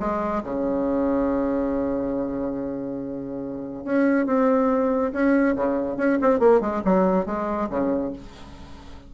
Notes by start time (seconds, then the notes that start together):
0.00 G#3
0.44 C#3
3.85 C#4
4.27 C4
5.13 C#4
5.56 C#3
5.97 C#4
6.22 C4
6.40 A#3
6.61 G#3
6.85 F#3
7.26 G#3
7.70 C#3